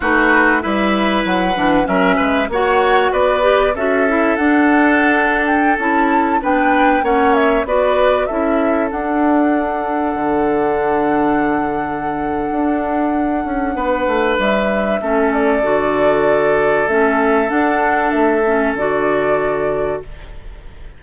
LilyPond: <<
  \new Staff \with { instrumentName = "flute" } { \time 4/4 \tempo 4 = 96 b'4 e''4 fis''4 e''4 | fis''4 d''4 e''4 fis''4~ | fis''8. g''8 a''4 g''4 fis''8 e''16~ | e''16 d''4 e''4 fis''4.~ fis''16~ |
fis''1~ | fis''2. e''4~ | e''8 d''2~ d''8 e''4 | fis''4 e''4 d''2 | }
  \new Staff \with { instrumentName = "oboe" } { \time 4/4 fis'4 b'2 ais'8 b'8 | cis''4 b'4 a'2~ | a'2~ a'16 b'4 cis''8.~ | cis''16 b'4 a'2~ a'8.~ |
a'1~ | a'2 b'2 | a'1~ | a'1 | }
  \new Staff \with { instrumentName = "clarinet" } { \time 4/4 dis'4 e'4. d'8 cis'4 | fis'4. g'8 fis'8 e'8 d'4~ | d'4~ d'16 e'4 d'4 cis'8.~ | cis'16 fis'4 e'4 d'4.~ d'16~ |
d'1~ | d'1 | cis'4 fis'2 cis'4 | d'4. cis'8 fis'2 | }
  \new Staff \with { instrumentName = "bassoon" } { \time 4/4 a4 g4 fis8 e8 fis8 gis8 | ais4 b4 cis'4 d'4~ | d'4~ d'16 cis'4 b4 ais8.~ | ais16 b4 cis'4 d'4.~ d'16~ |
d'16 d2.~ d8. | d'4. cis'8 b8 a8 g4 | a4 d2 a4 | d'4 a4 d2 | }
>>